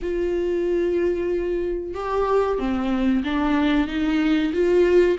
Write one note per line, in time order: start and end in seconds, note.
0.01 1.94 F4
1.94 2.58 G4
2.58 3.23 C4
3.24 3.87 D4
3.87 4.52 D#4
4.53 5.17 F4